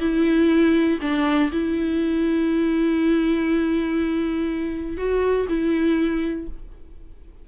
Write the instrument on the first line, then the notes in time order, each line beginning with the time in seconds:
viola
0.00 E4
1.01 D4
1.52 E4
4.97 F#4
5.49 E4